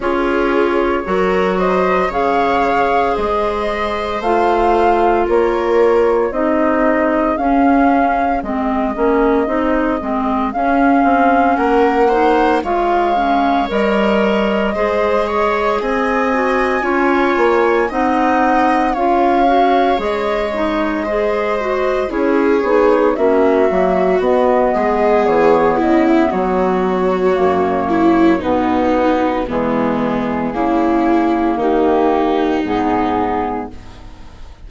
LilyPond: <<
  \new Staff \with { instrumentName = "flute" } { \time 4/4 \tempo 4 = 57 cis''4. dis''8 f''4 dis''4 | f''4 cis''4 dis''4 f''4 | dis''2 f''4 fis''4 | f''4 dis''2 gis''4~ |
gis''4 fis''4 f''4 dis''4~ | dis''4 cis''4 e''4 dis''4 | cis''8 dis''16 e''16 cis''2 b'4 | gis'2 g'4 gis'4 | }
  \new Staff \with { instrumentName = "viola" } { \time 4/4 gis'4 ais'8 c''8 cis''4 c''4~ | c''4 ais'4 gis'2~ | gis'2. ais'8 c''8 | cis''2 c''8 cis''8 dis''4 |
cis''4 dis''4 cis''2 | c''4 gis'4 fis'4. gis'8~ | gis'8 e'8 fis'4. e'8 dis'4 | b4 e'4 dis'2 | }
  \new Staff \with { instrumentName = "clarinet" } { \time 4/4 f'4 fis'4 gis'2 | f'2 dis'4 cis'4 | c'8 cis'8 dis'8 c'8 cis'4. dis'8 | f'8 cis'8 ais'4 gis'4. fis'8 |
f'4 dis'4 f'8 fis'8 gis'8 dis'8 | gis'8 fis'8 e'8 dis'8 cis'8 ais8 b4~ | b2 ais4 b4 | gis4 ais2 b4 | }
  \new Staff \with { instrumentName = "bassoon" } { \time 4/4 cis'4 fis4 cis4 gis4 | a4 ais4 c'4 cis'4 | gis8 ais8 c'8 gis8 cis'8 c'8 ais4 | gis4 g4 gis4 c'4 |
cis'8 ais8 c'4 cis'4 gis4~ | gis4 cis'8 b8 ais8 fis8 b8 gis8 | e8 cis8 fis4 fis,4 b,4 | e4 cis4 dis4 gis,4 | }
>>